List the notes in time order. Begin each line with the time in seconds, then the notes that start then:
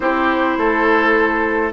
0.00 C4 E4 G4 C5
0.57 A3 A4